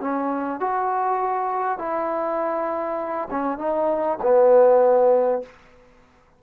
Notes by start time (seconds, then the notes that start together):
0.00 C#4
0.60 F#4
1.78 E4
3.30 C#4
3.58 D#4
4.22 B3